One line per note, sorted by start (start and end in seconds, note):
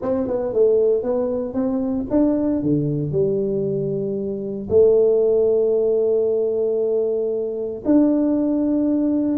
0.01 0.27 C4
0.27 0.53 B3
0.53 1.02 A3
1.02 1.53 B3
1.53 2.05 C4
2.10 2.62 D4
2.62 3.11 D3
3.11 4.68 G3
4.69 7.82 A3
7.85 9.37 D4